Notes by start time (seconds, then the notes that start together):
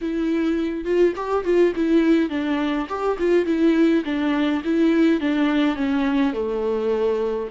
0.01 E4
0.84 F4
1.16 G4
1.44 F4
1.75 E4
2.29 D4
2.88 G4
3.18 F4
3.45 E4
4.04 D4
4.64 E4
5.20 D4
5.76 C#4
6.33 A3